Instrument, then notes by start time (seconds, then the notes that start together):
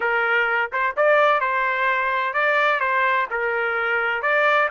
trumpet
0.00 A#4
0.72 C5
0.96 D5
1.40 C5
2.33 D5
2.80 C5
3.30 A#4
4.22 D5